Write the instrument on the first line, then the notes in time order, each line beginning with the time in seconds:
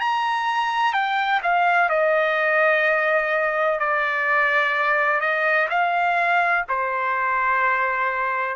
trumpet
0.00 A#5
0.93 G5
1.43 F5
1.90 D#5
3.80 D5
5.21 D#5
5.70 F5
6.69 C5